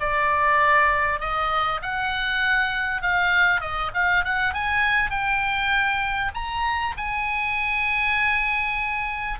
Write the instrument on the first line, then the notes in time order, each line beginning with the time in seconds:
oboe
0.00 D5
1.20 D#5
1.82 F#5
3.02 F5
3.61 D#5
3.94 F5
4.25 F#5
4.54 G#5
5.10 G5
6.34 A#5
6.97 G#5